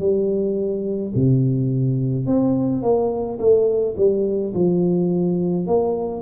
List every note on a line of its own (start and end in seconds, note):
0.00 1.13 G3
1.15 2.26 C3
2.26 2.83 C4
2.83 3.39 A#3
3.39 3.96 A3
3.97 4.54 G3
4.54 5.67 F3
5.67 6.22 A#3